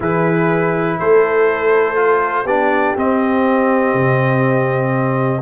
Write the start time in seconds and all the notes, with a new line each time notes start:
0.00 E3 E4 G#4 B4
0.99 A3 A4 C5
1.95 F4
2.44 B3 D4 G4 D5
2.96 C4 D#5
3.93 C3